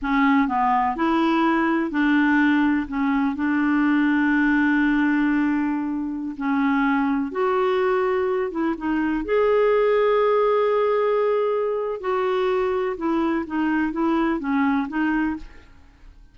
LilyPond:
\new Staff \with { instrumentName = "clarinet" } { \time 4/4 \tempo 4 = 125 cis'4 b4 e'2 | d'2 cis'4 d'4~ | d'1~ | d'4~ d'16 cis'2 fis'8.~ |
fis'4.~ fis'16 e'8 dis'4 gis'8.~ | gis'1~ | gis'4 fis'2 e'4 | dis'4 e'4 cis'4 dis'4 | }